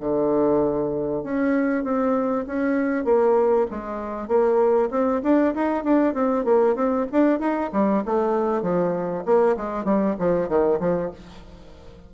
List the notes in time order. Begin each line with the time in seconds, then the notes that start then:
0.00 D3
1.23 C#4
1.84 C4
2.46 C#4
3.04 A#3
3.70 G#3
4.27 A#3
4.90 C4
5.23 D4
5.54 D#4
5.83 D4
6.14 C4
6.44 A#3
6.75 C4
7.12 D4
7.39 D#4
7.72 G3
8.05 A3
8.62 F3
9.25 A#3
9.57 G#3
9.84 G3
10.19 F3
10.48 D#3
10.80 F3